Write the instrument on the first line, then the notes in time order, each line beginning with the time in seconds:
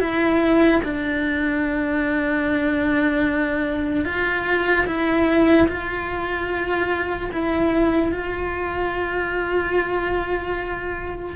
cello
0.00 E4
0.84 D4
4.05 F4
4.86 E4
5.68 F4
7.32 E4
8.12 F4